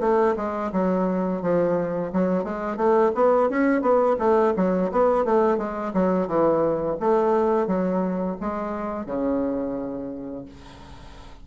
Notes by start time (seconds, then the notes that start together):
0.00 A3
0.36 G#3
0.72 F#3
1.42 F3
2.13 F#3
2.44 G#3
2.77 A3
3.15 B3
3.49 C#4
3.81 B3
4.19 A3
4.56 F#3
4.92 B3
5.25 A3
5.58 G#3
5.93 F#3
6.28 E3
7.00 A3
7.67 F#3
8.40 G#3
9.06 C#3